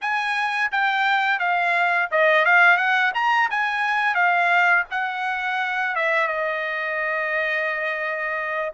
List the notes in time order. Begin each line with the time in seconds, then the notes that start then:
0.01 G#5
0.71 G5
1.39 F5
2.11 D#5
2.45 F5
2.77 F#5
3.14 A#5
3.50 G#5
4.14 F5
4.91 F#5
5.95 E5
6.27 D#5